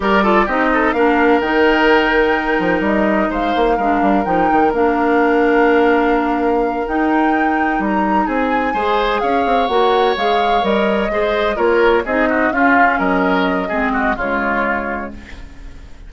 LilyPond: <<
  \new Staff \with { instrumentName = "flute" } { \time 4/4 \tempo 4 = 127 d''4 dis''4 f''4 g''4~ | g''2 dis''4 f''4~ | f''4 g''4 f''2~ | f''2~ f''8 g''4.~ |
g''8 ais''4 gis''2 f''8~ | f''8 fis''4 f''4 dis''4.~ | dis''8 cis''4 dis''4 f''4 dis''8~ | dis''2 cis''2 | }
  \new Staff \with { instrumentName = "oboe" } { \time 4/4 ais'8 a'8 g'8 a'8 ais'2~ | ais'2. c''4 | ais'1~ | ais'1~ |
ais'4. gis'4 c''4 cis''8~ | cis''2.~ cis''8 c''8~ | c''8 ais'4 gis'8 fis'8 f'4 ais'8~ | ais'4 gis'8 fis'8 f'2 | }
  \new Staff \with { instrumentName = "clarinet" } { \time 4/4 g'8 f'8 dis'4 d'4 dis'4~ | dis'1 | d'4 dis'4 d'2~ | d'2~ d'8 dis'4.~ |
dis'2~ dis'8 gis'4.~ | gis'8 fis'4 gis'4 ais'4 gis'8~ | gis'8 f'4 dis'4 cis'4.~ | cis'4 c'4 gis2 | }
  \new Staff \with { instrumentName = "bassoon" } { \time 4/4 g4 c'4 ais4 dis4~ | dis4. f8 g4 gis8 ais8 | gis8 g8 f8 dis8 ais2~ | ais2~ ais8 dis'4.~ |
dis'8 g4 c'4 gis4 cis'8 | c'8 ais4 gis4 g4 gis8~ | gis8 ais4 c'4 cis'4 fis8~ | fis4 gis4 cis2 | }
>>